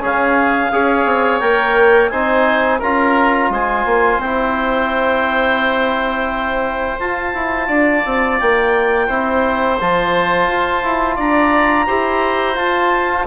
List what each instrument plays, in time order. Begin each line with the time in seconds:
0.00 bassoon C#3, trombone C#4, oboe G#4, clarinet F5
0.72 bassoon C#4, trombone G#4, oboe C#5
1.06 bassoon C4
1.40 bassoon A#3, trombone A#4, clarinet G5
2.10 bassoon C4, trombone D#4, oboe C5, clarinet G#5
2.80 bassoon C#4, trombone F4, oboe A#4, clarinet A#5
3.50 bassoon G#3, oboe C5, clarinet G#5
3.86 bassoon A#3
4.18 bassoon C4, trombone E4, clarinet G5
7.00 bassoon F4, trombone F4, clarinet A5
7.35 bassoon E4
7.68 bassoon D4, oboe D5
8.06 bassoon C4
8.40 bassoon A#3, clarinet G5
9.08 bassoon C4, trombone E4, oboe C5
9.81 bassoon F3, trombone F4, clarinet A5
10.48 bassoon F4
10.84 bassoon E4
11.16 bassoon D4, oboe D5, clarinet A#5
11.87 bassoon E4, trombone G4, oboe C5
12.55 trombone F4, bassoon F4, clarinet A5